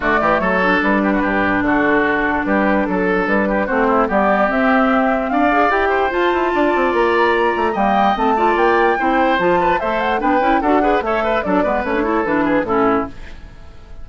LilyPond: <<
  \new Staff \with { instrumentName = "flute" } { \time 4/4 \tempo 4 = 147 d''4 cis''4 b'2 | a'2 b'4 a'4 | b'4 c''4 d''4 e''4~ | e''4 f''4 g''4 a''4~ |
a''4 ais''2 g''4 | a''4 g''2 a''4 | e''8 fis''8 g''4 fis''4 e''4 | d''4 cis''4 b'4 a'4 | }
  \new Staff \with { instrumentName = "oboe" } { \time 4/4 fis'8 g'8 a'4. g'16 fis'16 g'4 | fis'2 g'4 a'4~ | a'8 g'8 fis'8 e'8 g'2~ | g'4 d''4. c''4. |
d''2. dis''4~ | dis''8 d''4. c''4. b'8 | c''4 b'4 a'8 b'8 cis''8 b'8 | a'8 b'4 a'4 gis'8 e'4 | }
  \new Staff \with { instrumentName = "clarinet" } { \time 4/4 a4. d'2~ d'8~ | d'1~ | d'4 c'4 b4 c'4~ | c'4. gis'8 g'4 f'4~ |
f'2. ais4 | c'8 f'4. e'4 f'4 | a'4 d'8 e'8 fis'8 gis'8 a'4 | d'8 b8 cis'16 d'16 e'8 d'4 cis'4 | }
  \new Staff \with { instrumentName = "bassoon" } { \time 4/4 d8 e8 fis4 g4 g,4 | d2 g4 fis4 | g4 a4 g4 c'4~ | c'4 d'4 e'4 f'8 e'8 |
d'8 c'8 ais4. a8 g4 | a4 ais4 c'4 f4 | a4 b8 cis'8 d'4 a4 | fis8 gis8 a4 e4 a,4 | }
>>